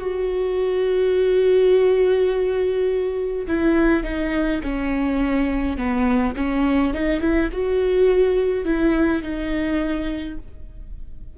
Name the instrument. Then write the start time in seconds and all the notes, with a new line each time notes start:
viola
0.00 F#4
3.47 E4
4.03 D#4
4.63 C#4
5.77 B3
6.36 C#4
6.93 D#4
7.20 E4
7.52 F#4
8.65 E4
9.22 D#4